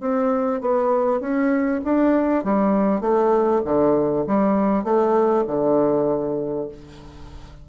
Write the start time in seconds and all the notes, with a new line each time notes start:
0.00 C4
0.60 B3
1.20 C#4
1.84 D4
2.44 G3
3.01 A3
3.64 D3
4.27 G3
4.83 A3
5.47 D3